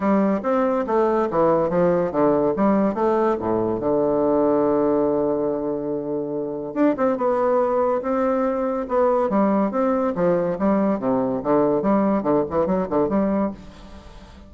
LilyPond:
\new Staff \with { instrumentName = "bassoon" } { \time 4/4 \tempo 4 = 142 g4 c'4 a4 e4 | f4 d4 g4 a4 | a,4 d2.~ | d1 |
d'8 c'8 b2 c'4~ | c'4 b4 g4 c'4 | f4 g4 c4 d4 | g4 d8 e8 fis8 d8 g4 | }